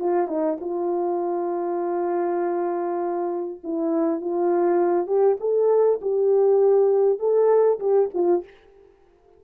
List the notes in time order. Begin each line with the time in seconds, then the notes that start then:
0.00 F4
0.28 D#4
0.61 F4
3.64 E4
4.21 F4
5.07 G4
5.41 A4
6.02 G4
7.20 A4
7.80 G4
8.15 F4